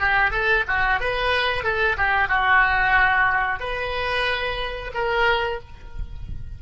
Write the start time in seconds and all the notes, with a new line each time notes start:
0.00 G4
0.31 A4
0.68 F#4
1.00 B4
1.64 A4
1.98 G4
2.29 F#4
3.60 B4
4.94 A#4